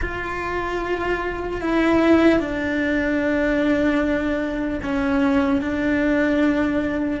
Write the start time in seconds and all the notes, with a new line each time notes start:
0.01 F4
1.61 E4
2.39 D4
4.83 C#4
5.61 D4